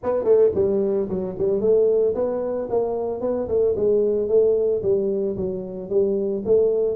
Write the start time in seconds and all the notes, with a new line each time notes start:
0.03 B3
0.24 A3
0.54 G3
1.08 F#3
1.38 G3
1.60 A3
2.14 B3
2.70 A#3
3.20 B3
3.47 A3
3.76 G#3
4.28 A3
4.82 G3
5.36 F#3
5.89 G3
6.45 A3